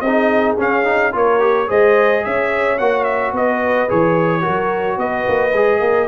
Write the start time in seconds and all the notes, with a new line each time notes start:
0.00 C4 G#4 D#5
0.07 D#4
0.57 C#4 F5
0.85 D#4
1.12 A#3 F4 A#4 C#5
1.39 G4
1.67 G#3 G#4 C5 D#5
2.24 C#4 C#5 E5
2.78 A#3 F#4 F#5
3.04 E5
3.33 B3 B4 D#5
3.89 E3 G#4 C#5
4.41 F#3 F#4 A#4
4.97 B3 B4 D#5
5.28 A#3
5.53 G#3 G#4
5.80 A#3 A#4